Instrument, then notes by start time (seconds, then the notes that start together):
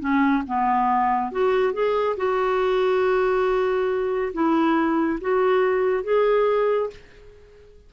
clarinet
0.00 C#4
0.47 B3
1.32 F#4
1.73 G#4
2.17 F#4
4.33 E4
5.21 F#4
6.03 G#4